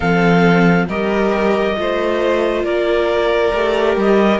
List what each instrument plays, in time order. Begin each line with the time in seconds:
0.00 cello F3, viola C4, violin A4, clarinet F5
0.88 cello G3, viola G4, violin A#4, clarinet D#5
1.76 cello A3, viola F4, violin C5
2.63 cello A#3, violin A#4, clarinet D5
3.52 cello A3, viola G4
3.96 cello G3, clarinet D#5